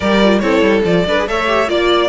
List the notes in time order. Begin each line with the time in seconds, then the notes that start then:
0.00 G3 G4 A#4 D5
0.23 F4
0.39 C4 E4 A4 C#5
0.61 G3
0.84 F3 F4 D5
1.05 D4 A4 B4
1.18 G#4
1.27 A3 A4 C#5 E5
1.46 G4
1.67 A#3 F4 D5